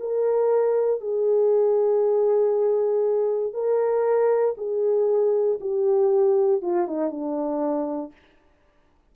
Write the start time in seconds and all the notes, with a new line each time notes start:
0.00 A#4
1.01 G#4
3.54 A#4
4.58 G#4
5.61 G4
6.62 F4
6.88 D#4
7.11 D4